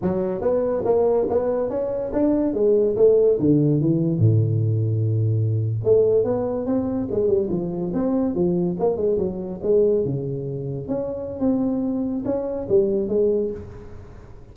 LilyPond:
\new Staff \with { instrumentName = "tuba" } { \time 4/4 \tempo 4 = 142 fis4 b4 ais4 b4 | cis'4 d'4 gis4 a4 | d4 e4 a,2~ | a,4.~ a,16 a4 b4 c'16~ |
c'8. gis8 g8 f4 c'4 f16~ | f8. ais8 gis8 fis4 gis4 cis16~ | cis4.~ cis16 cis'4~ cis'16 c'4~ | c'4 cis'4 g4 gis4 | }